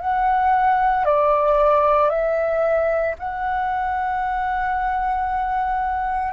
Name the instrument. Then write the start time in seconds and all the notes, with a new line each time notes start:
flute
0.00 F#5
1.05 D5
2.10 E5
3.19 F#5